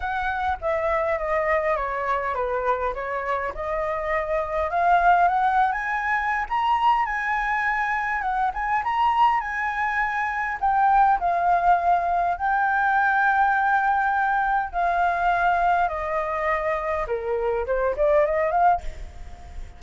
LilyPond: \new Staff \with { instrumentName = "flute" } { \time 4/4 \tempo 4 = 102 fis''4 e''4 dis''4 cis''4 | b'4 cis''4 dis''2 | f''4 fis''8. gis''4~ gis''16 ais''4 | gis''2 fis''8 gis''8 ais''4 |
gis''2 g''4 f''4~ | f''4 g''2.~ | g''4 f''2 dis''4~ | dis''4 ais'4 c''8 d''8 dis''8 f''8 | }